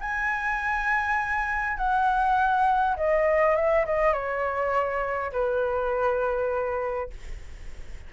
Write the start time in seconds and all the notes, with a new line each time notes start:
0.00 G#5
1.77 F#5
2.96 D#5
3.55 E5
3.85 D#5
4.12 C#5
5.31 B4